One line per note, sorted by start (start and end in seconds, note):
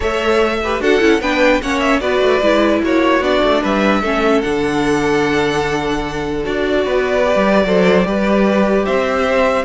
0.00 0.80 A3
0.00 0.59 A4
0.00 0.59 C#5
0.00 0.82 E5
0.63 0.80 G4
0.63 0.81 B4
0.80 1.00 D4
0.80 1.00 F#4
0.80 1.21 A4
0.80 1.21 F#5
1.00 1.20 C#4
1.00 1.20 E4
1.20 1.61 B3
1.20 1.62 D4
1.20 1.61 B4
1.20 1.61 G5
1.62 2.00 A#3
1.62 2.01 C#4
1.62 2.01 C#5
1.62 1.79 F#5
1.79 1.99 E5
2.00 2.21 B3
2.00 2.41 F#4
2.00 2.82 B4
2.00 2.81 D5
2.21 2.41 A3
2.41 2.82 G#3
2.41 3.22 E4
2.82 3.19 A#3
2.82 3.62 F#4
2.82 3.23 C#5
3.19 3.40 B3
3.19 4.03 D4
3.19 3.63 D5
3.43 3.63 A3
3.62 4.02 G3
3.62 4.01 B4
3.62 4.41 E5
4.01 4.42 A3
4.01 4.43 C#4
4.01 6.83 A4
4.41 6.45 D3
4.41 6.43 D4
4.41 6.42 F#5
6.43 6.85 D4
6.43 7.24 F#4
6.43 8.85 D5
6.85 7.35 B3
6.85 7.65 B4
7.24 7.64 G4
7.35 7.64 G3
7.64 8.04 F#3
7.64 8.05 A4
7.64 8.07 C5
8.05 8.85 G3
8.05 9.64 G4
8.05 8.85 B4
8.85 9.64 C4
8.85 9.64 C5
8.85 9.64 E5